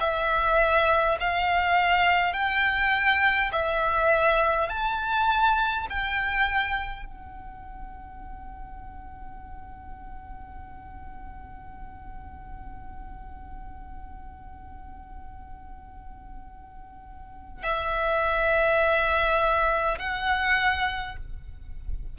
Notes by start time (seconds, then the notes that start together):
0.00 E5
1.20 F5
2.33 G5
3.52 E5
4.69 A5
5.89 G5
7.05 F#5
17.63 E5
19.99 F#5